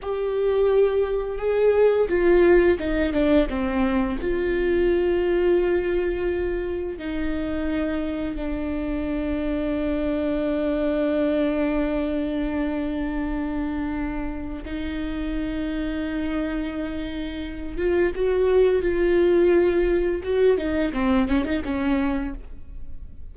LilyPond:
\new Staff \with { instrumentName = "viola" } { \time 4/4 \tempo 4 = 86 g'2 gis'4 f'4 | dis'8 d'8 c'4 f'2~ | f'2 dis'2 | d'1~ |
d'1~ | d'4 dis'2.~ | dis'4. f'8 fis'4 f'4~ | f'4 fis'8 dis'8 c'8 cis'16 dis'16 cis'4 | }